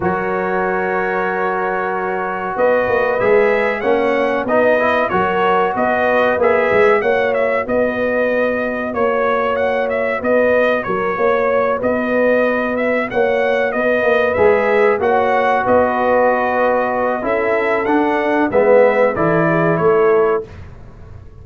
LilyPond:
<<
  \new Staff \with { instrumentName = "trumpet" } { \time 4/4 \tempo 4 = 94 cis''1 | dis''4 e''4 fis''4 dis''4 | cis''4 dis''4 e''4 fis''8 e''8 | dis''2 cis''4 fis''8 e''8 |
dis''4 cis''4. dis''4. | e''8 fis''4 dis''4 e''4 fis''8~ | fis''8 dis''2~ dis''8 e''4 | fis''4 e''4 d''4 cis''4 | }
  \new Staff \with { instrumentName = "horn" } { \time 4/4 ais'1 | b'2 cis''4 b'4 | ais'4 b'2 cis''4 | b'2 cis''2 |
b'4 ais'8 cis''4 b'4.~ | b'8 cis''4 b'2 cis''8~ | cis''8 b'2~ b'8 a'4~ | a'4 b'4 a'8 gis'8 a'4 | }
  \new Staff \with { instrumentName = "trombone" } { \time 4/4 fis'1~ | fis'4 gis'4 cis'4 dis'8 e'8 | fis'2 gis'4 fis'4~ | fis'1~ |
fis'1~ | fis'2~ fis'8 gis'4 fis'8~ | fis'2. e'4 | d'4 b4 e'2 | }
  \new Staff \with { instrumentName = "tuba" } { \time 4/4 fis1 | b8 ais8 gis4 ais4 b4 | fis4 b4 ais8 gis8 ais4 | b2 ais2 |
b4 fis8 ais4 b4.~ | b8 ais4 b8 ais8 gis4 ais8~ | ais8 b2~ b8 cis'4 | d'4 gis4 e4 a4 | }
>>